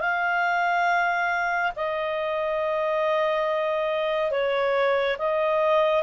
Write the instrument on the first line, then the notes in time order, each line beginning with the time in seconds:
clarinet
0.00 F5
1.76 D#5
4.31 C#5
5.18 D#5